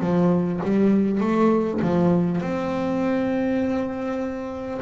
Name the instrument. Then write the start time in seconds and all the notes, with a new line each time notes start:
double bass
0.00 F3
0.63 G3
1.20 A3
1.82 F3
2.41 C4